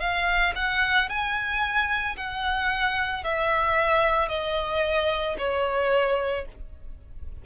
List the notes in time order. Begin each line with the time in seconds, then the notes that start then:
0.00 F5
0.55 F#5
1.09 G#5
2.16 F#5
3.23 E5
4.29 D#5
5.38 C#5